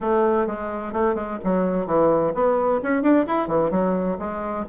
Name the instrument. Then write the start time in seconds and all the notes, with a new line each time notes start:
bassoon
0.00 A3
0.46 G#3
0.93 A3
1.15 G#3
1.44 F#3
1.86 E3
2.34 B3
2.82 C#4
3.02 D4
3.26 E4
3.47 E3
3.70 F#3
4.18 G#3